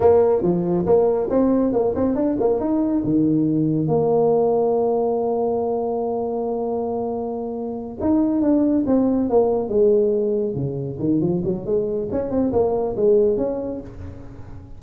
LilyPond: \new Staff \with { instrumentName = "tuba" } { \time 4/4 \tempo 4 = 139 ais4 f4 ais4 c'4 | ais8 c'8 d'8 ais8 dis'4 dis4~ | dis4 ais2.~ | ais1~ |
ais2~ ais8 dis'4 d'8~ | d'8 c'4 ais4 gis4.~ | gis8 cis4 dis8 f8 fis8 gis4 | cis'8 c'8 ais4 gis4 cis'4 | }